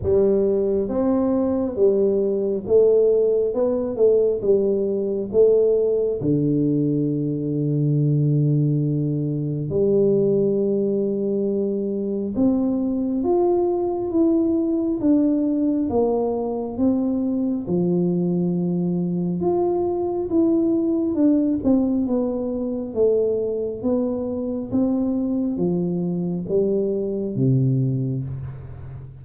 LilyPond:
\new Staff \with { instrumentName = "tuba" } { \time 4/4 \tempo 4 = 68 g4 c'4 g4 a4 | b8 a8 g4 a4 d4~ | d2. g4~ | g2 c'4 f'4 |
e'4 d'4 ais4 c'4 | f2 f'4 e'4 | d'8 c'8 b4 a4 b4 | c'4 f4 g4 c4 | }